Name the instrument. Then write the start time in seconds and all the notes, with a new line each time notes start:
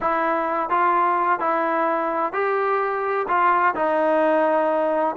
trombone
0.00 E4
0.69 F4
1.39 E4
2.32 G4
3.27 F4
3.75 D#4